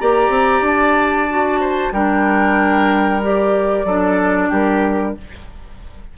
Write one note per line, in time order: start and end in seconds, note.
0.00 0.29 A#3
0.00 1.29 G4
0.00 1.61 D5
0.00 0.65 A#5
0.29 0.61 C4
0.61 1.90 D4
0.61 1.93 A5
1.30 1.94 F#4
1.61 1.93 C5
1.92 3.85 G3
1.92 3.22 D4
1.92 3.87 A#4
1.92 3.22 G5
3.22 3.87 G4
3.22 4.53 D5
3.85 4.49 F#3
3.85 5.18 D4
3.85 4.49 A4
4.49 5.16 G3
4.49 5.14 G4
4.49 5.17 A#4